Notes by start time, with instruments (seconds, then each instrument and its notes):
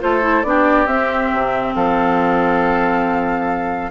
0.00 bassoon A3, clarinet F4, oboe A4, flute C5
0.21 clarinet E4
0.43 bassoon B3, clarinet D4, oboe G4, flute D5
0.86 bassoon C4, clarinet C4, flute E5
1.32 bassoon C3
1.75 bassoon F3, oboe A4, flute F5